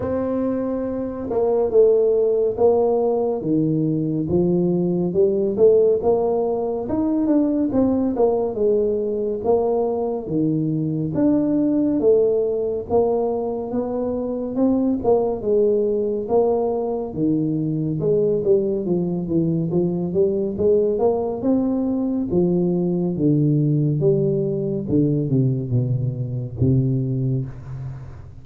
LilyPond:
\new Staff \with { instrumentName = "tuba" } { \time 4/4 \tempo 4 = 70 c'4. ais8 a4 ais4 | dis4 f4 g8 a8 ais4 | dis'8 d'8 c'8 ais8 gis4 ais4 | dis4 d'4 a4 ais4 |
b4 c'8 ais8 gis4 ais4 | dis4 gis8 g8 f8 e8 f8 g8 | gis8 ais8 c'4 f4 d4 | g4 d8 c8 b,4 c4 | }